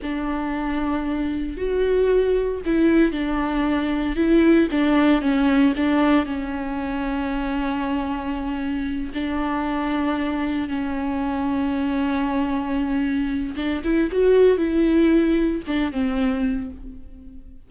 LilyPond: \new Staff \with { instrumentName = "viola" } { \time 4/4 \tempo 4 = 115 d'2. fis'4~ | fis'4 e'4 d'2 | e'4 d'4 cis'4 d'4 | cis'1~ |
cis'4. d'2~ d'8~ | d'8 cis'2.~ cis'8~ | cis'2 d'8 e'8 fis'4 | e'2 d'8 c'4. | }